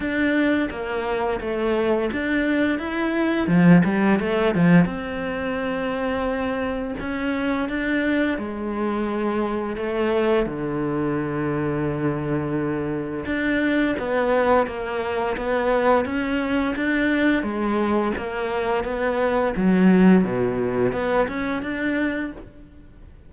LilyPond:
\new Staff \with { instrumentName = "cello" } { \time 4/4 \tempo 4 = 86 d'4 ais4 a4 d'4 | e'4 f8 g8 a8 f8 c'4~ | c'2 cis'4 d'4 | gis2 a4 d4~ |
d2. d'4 | b4 ais4 b4 cis'4 | d'4 gis4 ais4 b4 | fis4 b,4 b8 cis'8 d'4 | }